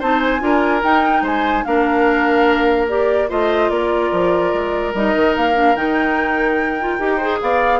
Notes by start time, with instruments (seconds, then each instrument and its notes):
0.00 bassoon C4, clarinet D#4, oboe C5, flute A5
0.20 flute G#5
0.40 bassoon D4, clarinet F4, oboe A#4
0.83 clarinet D#4, bassoon D#4, flute G5
1.22 bassoon G#3, oboe C5, flute G#5
1.65 bassoon A#3, clarinet D4, oboe A#4, flute F5
2.88 clarinet G4, flute D5
3.29 bassoon A3, clarinet F4, oboe C5, flute D#5
3.70 bassoon A#3, oboe A#4, flute D5
4.12 bassoon F3
4.53 bassoon G#3
4.94 bassoon G3, clarinet D#4, flute D#5
5.16 bassoon D#3
5.37 bassoon A#3, flute F5
5.54 clarinet D4
5.75 bassoon D#3, clarinet D#4, flute G5
6.80 clarinet F4
7.00 bassoon D#4, clarinet G4
7.17 clarinet G#4, oboe C5
7.42 bassoon B3, oboe D5, flute F5